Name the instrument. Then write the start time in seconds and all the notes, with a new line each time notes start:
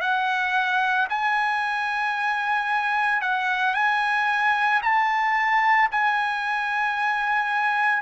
trumpet
0.00 F#5
1.09 G#5
3.21 F#5
3.74 G#5
4.82 A5
5.91 G#5